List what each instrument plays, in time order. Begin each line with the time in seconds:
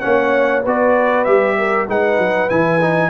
0.00 tuba A#3, trombone C#4, horn C#5, trumpet F#5
0.63 tuba B3, trombone F#4, horn B4, trumpet D5
1.24 tuba G3, trombone G4, trumpet E5
1.58 horn A#4
1.88 tuba G#3, trombone D#4, horn B4, trumpet F#5
2.18 tuba F#3
2.49 tuba E3, trombone E4, trumpet G#5
2.81 trombone D#4